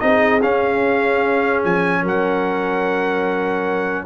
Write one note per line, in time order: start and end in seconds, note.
0.00 0.43 C4
0.00 0.41 D#4
0.00 2.02 G#4
0.00 0.41 D#5
0.42 4.05 C#4
0.42 1.65 C#4
0.42 1.64 F5
1.64 2.04 F3
1.64 2.05 G#5
2.02 4.05 F#3
2.02 4.05 A#4
2.02 4.05 F#5